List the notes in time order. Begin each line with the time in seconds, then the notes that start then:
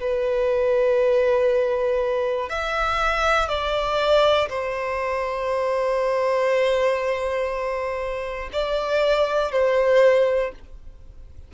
0.00 B4
2.49 E5
3.49 D5
4.50 C5
8.53 D5
9.52 C5